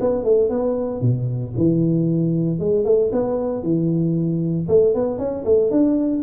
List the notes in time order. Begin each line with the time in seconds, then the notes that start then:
0.00 B3
0.24 A3
0.49 B3
1.01 B2
1.57 E3
2.59 G#3
2.84 A3
3.12 B3
3.62 E3
4.68 A3
4.94 B3
5.18 C#4
5.44 A3
5.71 D4